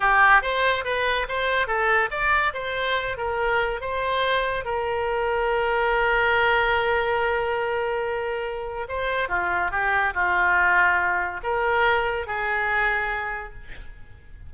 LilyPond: \new Staff \with { instrumentName = "oboe" } { \time 4/4 \tempo 4 = 142 g'4 c''4 b'4 c''4 | a'4 d''4 c''4. ais'8~ | ais'4 c''2 ais'4~ | ais'1~ |
ais'1~ | ais'4 c''4 f'4 g'4 | f'2. ais'4~ | ais'4 gis'2. | }